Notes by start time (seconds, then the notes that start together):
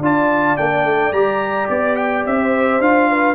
0.00 D4 F4 D5 A5
0.57 A#3 D4 G5
0.84 A3
1.12 G3 G4 A#5
1.69 B3 D5
1.95 G5
2.25 C4 E5
2.40 C5
2.79 D4 F4 F5
3.10 B4